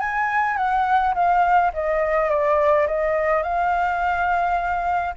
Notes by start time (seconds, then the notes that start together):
0.00 G#5
0.57 F#5
1.14 F5
1.74 D#5
2.29 D5
2.87 D#5
3.43 F5